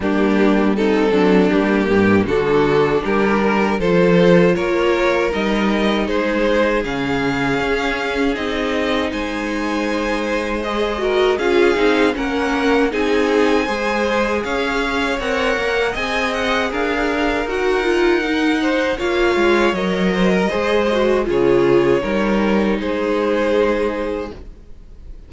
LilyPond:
<<
  \new Staff \with { instrumentName = "violin" } { \time 4/4 \tempo 4 = 79 g'4 a'4 g'4 a'4 | ais'4 c''4 cis''4 dis''4 | c''4 f''2 dis''4 | gis''2 dis''4 f''4 |
fis''4 gis''2 f''4 | fis''4 gis''8 fis''8 f''4 fis''4~ | fis''4 f''4 dis''2 | cis''2 c''2 | }
  \new Staff \with { instrumentName = "violin" } { \time 4/4 d'4 dis'8 d'4 g'8 fis'4 | g'8 ais'8 a'4 ais'2 | gis'1 | c''2~ c''8 ais'8 gis'4 |
ais'4 gis'4 c''4 cis''4~ | cis''4 dis''4 ais'2~ | ais'8 c''8 cis''4. c''16 ais'16 c''4 | gis'4 ais'4 gis'2 | }
  \new Staff \with { instrumentName = "viola" } { \time 4/4 ais4 c'4 ais4 d'4~ | d'4 f'2 dis'4~ | dis'4 cis'2 dis'4~ | dis'2 gis'8 fis'8 f'8 dis'8 |
cis'4 dis'4 gis'2 | ais'4 gis'2 fis'8 f'8 | dis'4 f'4 ais'4 gis'8 fis'8 | f'4 dis'2. | }
  \new Staff \with { instrumentName = "cello" } { \time 4/4 g4. fis8 g8 g,8 d4 | g4 f4 ais4 g4 | gis4 cis4 cis'4 c'4 | gis2. cis'8 c'8 |
ais4 c'4 gis4 cis'4 | c'8 ais8 c'4 d'4 dis'4~ | dis'4 ais8 gis8 fis4 gis4 | cis4 g4 gis2 | }
>>